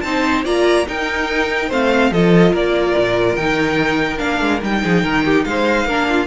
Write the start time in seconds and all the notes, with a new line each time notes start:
0.00 C4 D#4 C5 A5
0.44 A#3 F4 D5 A#5
0.86 D#4 A#4 G5
1.69 A3 C4 C5 F5
2.11 F3 F4 A4 D#5
2.52 A#3 A#4 D5
2.97 A#2
3.35 D#3 D#4 G5
4.18 A#3 D4 F5
4.41 G#3
4.62 G3 D#4 G5
4.83 F3 G#4
5.03 D#3 A#4
5.24 G4
5.44 G#3 C5 F5
5.85 A#3 D4 A#4
6.09 F4